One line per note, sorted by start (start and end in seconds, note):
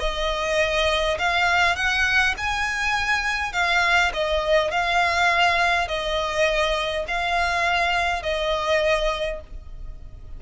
0.00 1.18 D#5
1.18 1.76 F5
1.76 2.35 F#5
2.37 3.53 G#5
3.53 4.11 F5
4.13 4.71 D#5
4.71 5.88 F5
5.88 7.05 D#5
7.08 8.23 F5
8.23 9.40 D#5